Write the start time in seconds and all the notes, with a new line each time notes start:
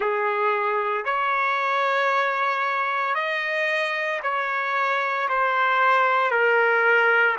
0.00 G#4
1.04 C#5
3.14 D#5
4.22 C#5
5.28 C5
6.30 A#4